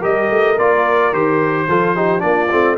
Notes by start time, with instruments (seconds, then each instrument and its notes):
0.00 tuba G3, trombone G4, horn A#4, trumpet D#5
0.30 tuba A3
0.58 tuba A#3, trombone F4, trumpet D5
1.13 tuba D#3, trombone G4, trumpet C5
1.68 tuba F3, trombone F4, horn A4
1.95 trombone D#4, horn G4
2.19 tuba A#3, trombone D4, horn F4, trumpet D5
2.52 tuba A3, trombone C4